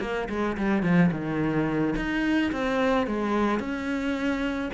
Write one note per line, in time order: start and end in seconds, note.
0.00 0.28 A#3
0.29 0.57 G#3
0.57 0.82 G3
0.82 1.10 F3
1.11 1.94 D#3
1.95 2.51 D#4
2.52 3.07 C4
3.07 3.59 G#3
3.59 4.70 C#4